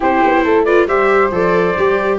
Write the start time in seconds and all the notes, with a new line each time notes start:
0.00 C4 E4 G4 C5
0.24 B3
0.43 A3 A4
0.64 F4 B4 D5
0.86 G3 G4 C5 E5
1.30 F3 A4 D5
1.78 G3 G4